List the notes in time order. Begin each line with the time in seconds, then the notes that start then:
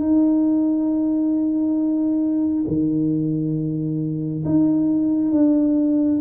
0.00 D#4
2.68 D#3
4.45 D#4
5.32 D4